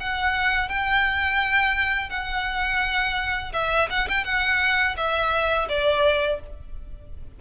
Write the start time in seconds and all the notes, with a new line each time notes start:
0.00 F#5
0.69 G5
2.09 F#5
3.53 E5
3.90 F#5
4.08 G5
4.24 F#5
4.96 E5
5.69 D5